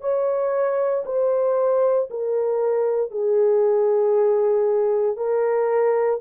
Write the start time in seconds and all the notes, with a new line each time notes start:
0.00 C#5
1.05 C5
2.10 A#4
3.11 G#4
5.16 A#4